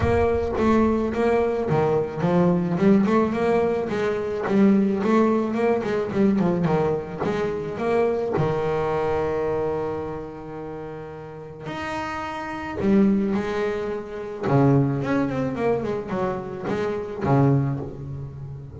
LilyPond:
\new Staff \with { instrumentName = "double bass" } { \time 4/4 \tempo 4 = 108 ais4 a4 ais4 dis4 | f4 g8 a8 ais4 gis4 | g4 a4 ais8 gis8 g8 f8 | dis4 gis4 ais4 dis4~ |
dis1~ | dis4 dis'2 g4 | gis2 cis4 cis'8 c'8 | ais8 gis8 fis4 gis4 cis4 | }